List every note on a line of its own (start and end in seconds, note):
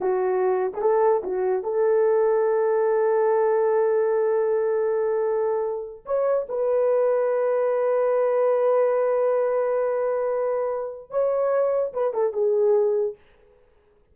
0.01 0.72 F#4
0.73 0.81 G#4
0.81 1.22 A4
1.23 1.63 F#4
1.63 6.05 A4
6.05 6.47 C#5
6.48 11.10 B4
11.10 11.92 C#5
11.93 12.13 B4
12.13 12.33 A4
12.33 13.15 G#4